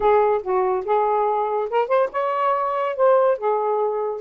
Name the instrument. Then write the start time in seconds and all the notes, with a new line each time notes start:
saxophone
0.00 G#4
0.43 F#4
0.85 G#4
1.70 A#4
1.88 C5
2.12 C#5
2.96 C5
3.38 G#4